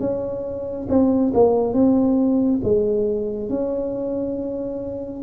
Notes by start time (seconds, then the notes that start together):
0.00 C#4
0.89 C4
1.34 A#3
1.74 C4
2.64 G#3
3.49 C#4